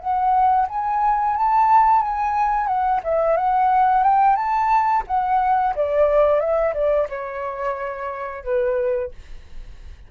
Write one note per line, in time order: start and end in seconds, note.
0.00 0.67 F#5
0.69 1.36 G#5
1.36 2.02 A5
2.02 2.67 G#5
2.67 3.01 F#5
3.04 3.37 E5
3.37 4.04 F#5
4.04 4.36 G5
4.36 5.04 A5
5.07 5.75 F#5
5.75 6.40 D5
6.40 6.74 E5
6.74 7.08 D5
7.10 8.45 C#5
8.45 9.12 B4